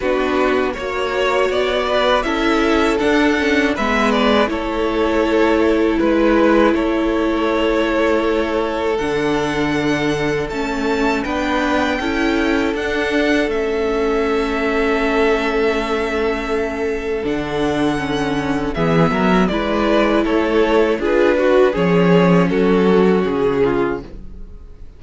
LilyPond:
<<
  \new Staff \with { instrumentName = "violin" } { \time 4/4 \tempo 4 = 80 b'4 cis''4 d''4 e''4 | fis''4 e''8 d''8 cis''2 | b'4 cis''2. | fis''2 a''4 g''4~ |
g''4 fis''4 e''2~ | e''2. fis''4~ | fis''4 e''4 d''4 cis''4 | b'4 cis''4 a'4 gis'4 | }
  \new Staff \with { instrumentName = "violin" } { \time 4/4 fis'4 cis''4. b'8 a'4~ | a'4 b'4 a'2 | b'4 a'2.~ | a'2. b'4 |
a'1~ | a'1~ | a'4 gis'8 ais'8 b'4 a'4 | gis'8 fis'8 gis'4 fis'4. f'8 | }
  \new Staff \with { instrumentName = "viola" } { \time 4/4 d'4 fis'2 e'4 | d'8 cis'8 b4 e'2~ | e'1 | d'2 cis'4 d'4 |
e'4 d'4 cis'2~ | cis'2. d'4 | cis'4 b4 e'2 | f'8 fis'8 cis'2. | }
  \new Staff \with { instrumentName = "cello" } { \time 4/4 b4 ais4 b4 cis'4 | d'4 gis4 a2 | gis4 a2. | d2 a4 b4 |
cis'4 d'4 a2~ | a2. d4~ | d4 e8 fis8 gis4 a4 | d'4 f4 fis4 cis4 | }
>>